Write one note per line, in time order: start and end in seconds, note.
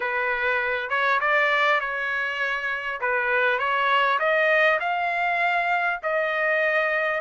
0.00 0.89 B4
0.89 1.19 C#5
1.20 1.80 D5
1.80 3.00 C#5
3.01 3.58 B4
3.58 4.18 C#5
4.19 4.79 D#5
4.80 6.00 F5
6.02 7.20 D#5